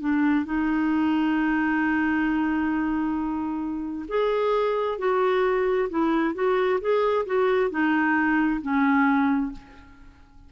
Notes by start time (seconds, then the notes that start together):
0.00 D4
0.45 D#4
4.08 G#4
4.98 F#4
5.90 E4
6.35 F#4
6.81 G#4
7.26 F#4
7.71 D#4
8.62 C#4